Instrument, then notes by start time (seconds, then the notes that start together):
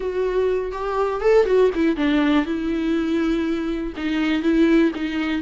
viola
0.00 F#4
0.71 G4
1.20 A4
1.45 F#4
1.74 E4
1.96 D4
2.45 E4
3.96 D#4
4.42 E4
4.95 D#4